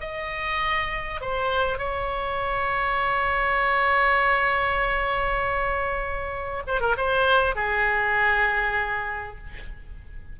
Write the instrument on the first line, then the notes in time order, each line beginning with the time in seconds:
oboe
0.00 D#5
1.21 C5
1.78 C#5
6.67 C5
6.80 A#4
6.97 C5
7.55 G#4